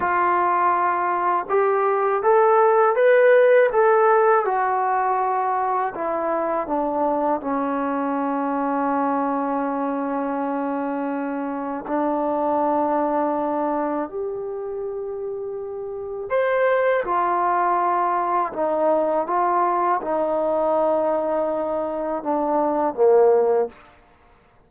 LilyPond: \new Staff \with { instrumentName = "trombone" } { \time 4/4 \tempo 4 = 81 f'2 g'4 a'4 | b'4 a'4 fis'2 | e'4 d'4 cis'2~ | cis'1 |
d'2. g'4~ | g'2 c''4 f'4~ | f'4 dis'4 f'4 dis'4~ | dis'2 d'4 ais4 | }